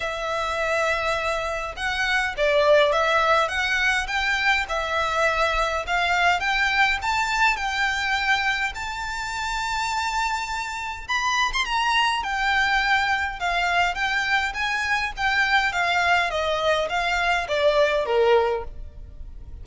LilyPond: \new Staff \with { instrumentName = "violin" } { \time 4/4 \tempo 4 = 103 e''2. fis''4 | d''4 e''4 fis''4 g''4 | e''2 f''4 g''4 | a''4 g''2 a''4~ |
a''2. b''8. c'''16 | ais''4 g''2 f''4 | g''4 gis''4 g''4 f''4 | dis''4 f''4 d''4 ais'4 | }